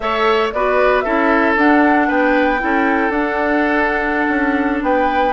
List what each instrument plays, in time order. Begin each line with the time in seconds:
0.00 bassoon A3, clarinet A4, oboe C#5, flute E5
0.52 bassoon B3, clarinet F#4, oboe B4, flute D5
1.01 bassoon C#4, clarinet E4, oboe A4, flute E5
1.56 bassoon D4, clarinet D4, flute F#5
2.07 bassoon B3, oboe B4, flute G5
2.58 bassoon C#4, clarinet E4, oboe A4
3.09 bassoon D4, clarinet D4, flute F#5
4.28 bassoon C#4
4.82 bassoon B3, oboe B4, flute G5